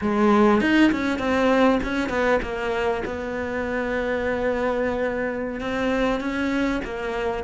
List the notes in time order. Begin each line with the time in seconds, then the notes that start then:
0.01 G#3
0.60 D#4
0.91 C#4
1.18 C4
1.83 C#4
2.09 B3
2.42 A#3
3.05 B3
5.60 C4
6.20 C#4
6.84 A#3